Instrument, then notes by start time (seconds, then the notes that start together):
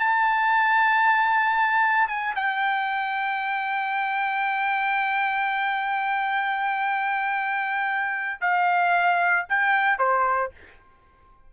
trumpet
0.00 A5
2.08 G#5
2.36 G5
8.42 F5
9.50 G5
9.99 C5